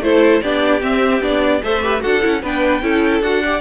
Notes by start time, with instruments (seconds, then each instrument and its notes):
0.00 cello A3, viola E4, violin A4 C5
0.42 cello B3, viola D4, violin G4 D5
0.81 viola C4, cello C4, violin E5
1.21 cello B3, viola D4, violin D5
1.63 cello A3, viola A4, violin C5 E5
1.82 viola G4, violin B4
2.00 cello D4, viola F#4, violin A4 F#5
2.21 cello C#4, viola E4
2.42 cello B3, viola D4, violin B4 G5
2.82 cello C#4, viola E4, violin A4
3.21 cello D4, viola F#4, violin F#5
3.44 viola G4, violin D5